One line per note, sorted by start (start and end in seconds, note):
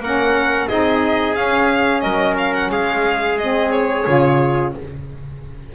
0.00 0.67 A#3
0.00 0.69 C#4
0.00 0.68 A#4
0.00 0.68 F#5
0.68 1.36 C4
0.68 1.35 D#4
0.68 2.03 G#4
0.68 1.36 D#5
1.35 3.37 C#4
1.35 2.04 C#4
1.35 2.01 F5
2.01 2.71 F#3
2.01 2.70 A#4
2.01 2.35 D#5
2.38 2.54 F5
2.54 2.71 F#5
2.71 4.05 G#3
2.71 4.74 G#4
2.71 3.38 F5
3.38 4.06 C4
3.38 3.71 D#5
3.71 4.73 C#5
4.06 4.75 C#3
4.06 4.73 F4